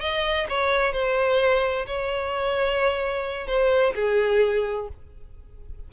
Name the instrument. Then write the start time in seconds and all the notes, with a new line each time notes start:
violin
0.00 D#5
0.49 C#5
0.93 C5
1.87 C#5
3.47 C5
3.95 G#4